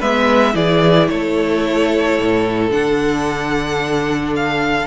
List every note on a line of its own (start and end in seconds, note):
0.00 0.55 G#3
0.00 0.54 B3
0.00 0.54 B4
0.00 0.56 E5
0.54 1.09 E3
0.54 2.70 E4
0.54 1.10 G#4
0.54 1.09 D5
1.09 2.19 A3
1.09 4.88 A4
1.09 2.71 C#5
2.19 2.71 A2
2.71 4.87 D3
2.71 4.88 D4
2.71 4.34 F#5
4.36 4.88 F5